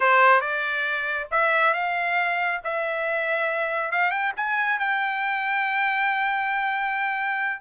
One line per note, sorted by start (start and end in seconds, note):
0.00 0.40 C5
0.40 1.27 D5
1.31 1.73 E5
1.73 2.60 F5
2.63 3.91 E5
3.91 4.10 F5
4.10 4.32 G5
4.36 4.79 G#5
4.79 7.60 G5